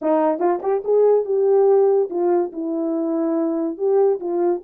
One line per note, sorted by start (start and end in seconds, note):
0.01 0.39 D#4
0.39 0.60 F4
0.62 0.83 G4
0.84 1.25 G#4
1.25 2.09 G4
2.10 2.52 F4
2.52 3.77 E4
3.77 4.19 G4
4.20 4.62 F4